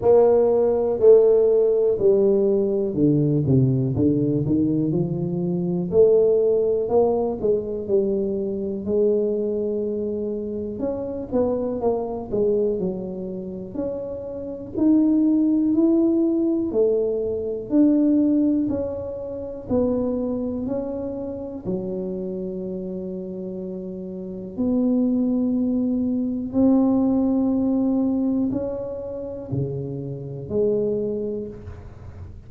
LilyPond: \new Staff \with { instrumentName = "tuba" } { \time 4/4 \tempo 4 = 61 ais4 a4 g4 d8 c8 | d8 dis8 f4 a4 ais8 gis8 | g4 gis2 cis'8 b8 | ais8 gis8 fis4 cis'4 dis'4 |
e'4 a4 d'4 cis'4 | b4 cis'4 fis2~ | fis4 b2 c'4~ | c'4 cis'4 cis4 gis4 | }